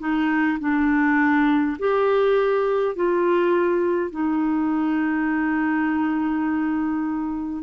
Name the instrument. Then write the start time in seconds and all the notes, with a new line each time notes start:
clarinet
0.00 D#4
0.60 D4
1.79 G4
2.96 F4
4.11 D#4